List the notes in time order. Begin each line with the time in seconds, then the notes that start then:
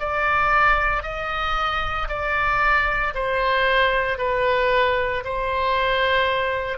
0.00 D5
1.03 D#5
2.08 D5
3.14 C5
4.18 B4
5.24 C5